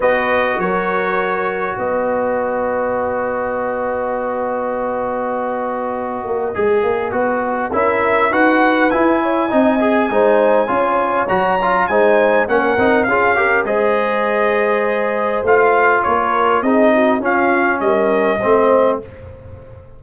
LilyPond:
<<
  \new Staff \with { instrumentName = "trumpet" } { \time 4/4 \tempo 4 = 101 dis''4 cis''2 dis''4~ | dis''1~ | dis''1~ | dis''4 e''4 fis''4 gis''4~ |
gis''2. ais''4 | gis''4 fis''4 f''4 dis''4~ | dis''2 f''4 cis''4 | dis''4 f''4 dis''2 | }
  \new Staff \with { instrumentName = "horn" } { \time 4/4 b'4 ais'2 b'4~ | b'1~ | b'1~ | b'4 ais'4 b'4. cis''8 |
dis''4 c''4 cis''2 | c''4 ais'4 gis'8 ais'8 c''4~ | c''2. ais'4 | gis'8 fis'8 f'4 ais'4 c''4 | }
  \new Staff \with { instrumentName = "trombone" } { \time 4/4 fis'1~ | fis'1~ | fis'2. gis'4 | fis'4 e'4 fis'4 e'4 |
dis'8 gis'8 dis'4 f'4 fis'8 f'8 | dis'4 cis'8 dis'8 f'8 g'8 gis'4~ | gis'2 f'2 | dis'4 cis'2 c'4 | }
  \new Staff \with { instrumentName = "tuba" } { \time 4/4 b4 fis2 b4~ | b1~ | b2~ b8 ais8 gis8 ais8 | b4 cis'4 dis'4 e'4 |
c'4 gis4 cis'4 fis4 | gis4 ais8 c'8 cis'4 gis4~ | gis2 a4 ais4 | c'4 cis'4 g4 a4 | }
>>